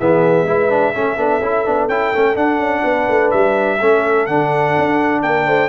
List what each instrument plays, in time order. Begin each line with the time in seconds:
0.00 tuba E3, trombone B3, horn G#4, trumpet E5
0.44 tuba G#3, trombone E4, horn B4
0.70 trombone D4
0.95 tuba A3, trombone C#4, horn A4
1.16 tuba B3, trombone D4
1.41 tuba C#4, trombone E4
1.66 tuba B3, trombone D4
1.88 tuba C#4, trombone E4, trumpet G5
2.14 tuba A3, trombone C#4
2.36 tuba D4, trombone D4, trumpet F#5
2.59 tuba C#4
2.84 tuba B3, horn B4
3.09 tuba A3
3.31 tuba G3, trumpet E5
3.78 tuba A3, trombone C#4, horn A4
4.27 tuba D3, trombone D4, trumpet F#5
4.78 tuba D4
5.23 tuba A#3, horn A#4, trumpet G5
5.47 tuba A3, horn C5